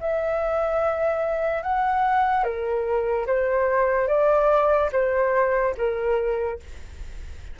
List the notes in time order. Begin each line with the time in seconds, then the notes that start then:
0.00 E5
1.62 F#5
2.44 A#4
3.26 C5
4.08 D5
4.92 C5
5.77 A#4